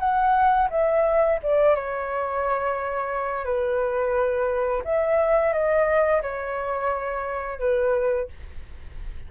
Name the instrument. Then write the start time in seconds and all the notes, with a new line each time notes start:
flute
0.00 F#5
0.71 E5
1.44 D5
1.76 C#5
3.45 B4
4.85 E5
5.53 D#5
6.23 C#5
7.60 B4